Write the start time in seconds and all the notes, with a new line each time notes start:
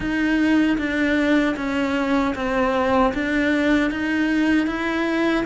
0.00 D#4
0.78 D4
1.56 C#4
2.35 C4
3.13 D4
3.90 D#4
4.66 E4